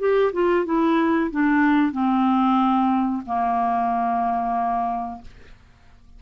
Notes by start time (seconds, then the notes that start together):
0.00 G4
0.33 F4
0.66 E4
1.31 D4
1.92 C4
3.26 A#3